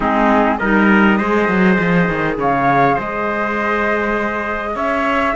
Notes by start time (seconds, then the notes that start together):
0.00 G#3 C4 D#4 G#4
0.57 G3 D#4 A#4 D#5
1.17 G#3 G#4 C5
1.48 F#3
1.78 F3
2.08 D#3
2.37 C#3 C#5 F5
2.94 G#3 C5 D#5
4.75 C#4 C#5 E5